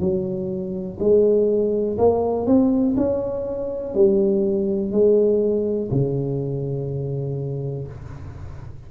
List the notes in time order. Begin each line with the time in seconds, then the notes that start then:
0.00 F#3
1.00 G#3
1.98 A#3
2.47 C4
2.97 C#4
3.95 G3
4.92 G#3
5.92 C#3